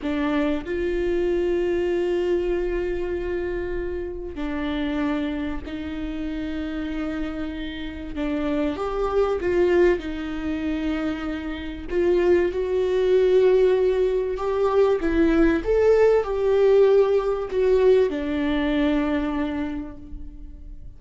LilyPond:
\new Staff \with { instrumentName = "viola" } { \time 4/4 \tempo 4 = 96 d'4 f'2.~ | f'2. d'4~ | d'4 dis'2.~ | dis'4 d'4 g'4 f'4 |
dis'2. f'4 | fis'2. g'4 | e'4 a'4 g'2 | fis'4 d'2. | }